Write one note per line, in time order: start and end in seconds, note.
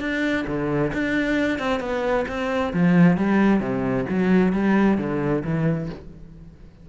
0.00 0.45 D4
0.47 0.92 D3
0.93 1.59 D4
1.59 1.80 C4
1.80 2.25 B3
2.28 2.73 C4
2.73 3.17 F3
3.17 3.60 G3
3.60 4.05 C3
4.09 4.53 F#3
4.53 4.98 G3
4.98 5.43 D3
5.44 5.89 E3